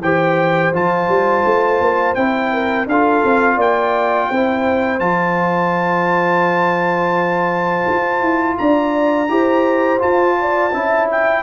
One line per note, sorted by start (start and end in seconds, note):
0.00 0.71 E3
0.00 0.73 G4
0.00 2.52 C5
0.00 0.73 G5
0.72 1.08 F3
0.72 2.15 F4
0.72 2.14 A5
1.08 1.43 G3
1.45 1.80 A3
1.80 2.15 A#3
2.14 2.86 C4
2.14 2.87 E4
2.14 2.86 G5
2.52 2.88 A#4
2.86 3.22 D4
2.86 4.33 F4
2.86 3.56 A4
2.86 3.60 F5
3.24 3.57 C4
3.56 4.28 A#3
3.56 4.27 D5
3.56 4.99 G5
4.28 4.99 C4
4.28 4.99 E4
4.28 8.57 C5
4.99 7.85 F3
4.99 9.27 F4
4.99 8.56 A5
7.89 8.21 F4
8.21 8.57 E4
8.57 9.28 D4
8.57 9.31 D5
8.57 10.00 A#5
9.28 10.00 E4
9.28 9.99 G4
9.28 10.38 C5
9.99 10.70 F4
9.99 10.73 F4
9.99 11.08 A5
10.40 10.73 D5
10.73 11.43 C#4
10.73 11.43 E4
10.73 11.43 E5
11.11 11.43 G5